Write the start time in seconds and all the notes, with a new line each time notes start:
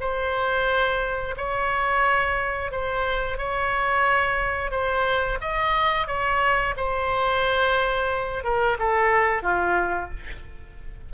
0.00 C5
1.37 C#5
2.71 C5
3.38 C#5
4.71 C5
5.41 D#5
6.07 C#5
6.76 C5
8.43 A#4
8.79 A4
9.42 F4